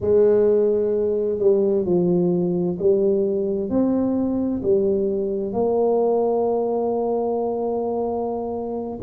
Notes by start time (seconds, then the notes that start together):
0.00 G#3
1.38 G3
1.85 F3
2.78 G3
3.69 C4
4.62 G3
5.52 A#3